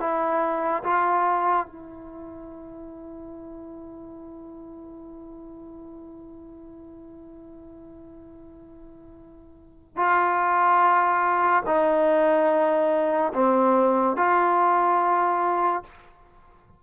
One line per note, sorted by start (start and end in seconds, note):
0.00 0.83 E4
0.84 1.67 F4
1.67 9.97 E4
9.97 11.64 F4
11.67 13.33 D#4
13.34 14.17 C4
14.17 15.84 F4